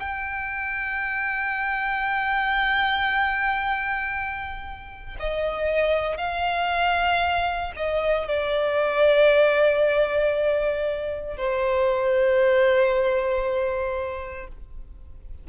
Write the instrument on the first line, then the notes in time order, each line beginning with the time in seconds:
violin
0.00 G5
5.20 D#5
6.18 F5
7.77 D#5
8.29 D5
11.37 C5